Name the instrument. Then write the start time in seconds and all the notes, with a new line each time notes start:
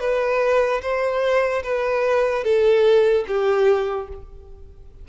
violin
0.00 B4
0.82 C5
1.63 B4
2.44 A4
3.28 G4